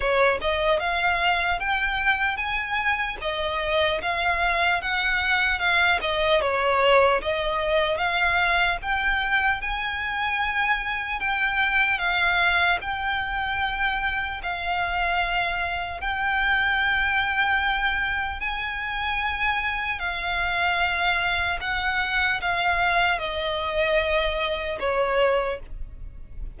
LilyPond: \new Staff \with { instrumentName = "violin" } { \time 4/4 \tempo 4 = 75 cis''8 dis''8 f''4 g''4 gis''4 | dis''4 f''4 fis''4 f''8 dis''8 | cis''4 dis''4 f''4 g''4 | gis''2 g''4 f''4 |
g''2 f''2 | g''2. gis''4~ | gis''4 f''2 fis''4 | f''4 dis''2 cis''4 | }